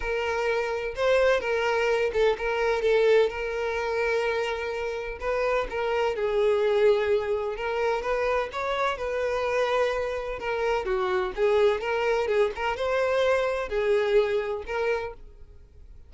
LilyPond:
\new Staff \with { instrumentName = "violin" } { \time 4/4 \tempo 4 = 127 ais'2 c''4 ais'4~ | ais'8 a'8 ais'4 a'4 ais'4~ | ais'2. b'4 | ais'4 gis'2. |
ais'4 b'4 cis''4 b'4~ | b'2 ais'4 fis'4 | gis'4 ais'4 gis'8 ais'8 c''4~ | c''4 gis'2 ais'4 | }